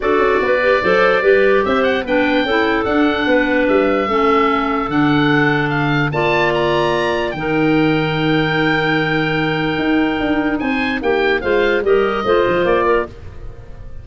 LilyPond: <<
  \new Staff \with { instrumentName = "oboe" } { \time 4/4 \tempo 4 = 147 d''1 | e''8 fis''8 g''2 fis''4~ | fis''4 e''2. | fis''2 f''4 a''4 |
ais''2 g''2~ | g''1~ | g''2 gis''4 g''4 | f''4 dis''2 d''4 | }
  \new Staff \with { instrumentName = "clarinet" } { \time 4/4 a'4 b'4 c''4 b'4 | c''4 b'4 a'2 | b'2 a'2~ | a'2. d''4~ |
d''2 ais'2~ | ais'1~ | ais'2 c''4 g'4 | c''4 ais'4 c''4. ais'8 | }
  \new Staff \with { instrumentName = "clarinet" } { \time 4/4 fis'4. g'8 a'4 g'4~ | g'4 d'4 e'4 d'4~ | d'2 cis'2 | d'2. f'4~ |
f'2 dis'2~ | dis'1~ | dis'1 | f'4 g'4 f'2 | }
  \new Staff \with { instrumentName = "tuba" } { \time 4/4 d'8 cis'8 b4 fis4 g4 | c'4 b4 cis'4 d'4 | b4 g4 a2 | d2. ais4~ |
ais2 dis2~ | dis1 | dis'4 d'4 c'4 ais4 | gis4 g4 a8 f8 ais4 | }
>>